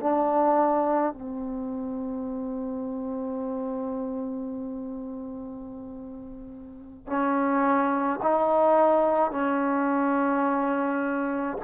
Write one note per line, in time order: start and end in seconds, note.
0.00 1.13 D4
1.14 7.07 C4
7.07 8.20 C#4
8.22 9.31 D#4
9.31 11.58 C#4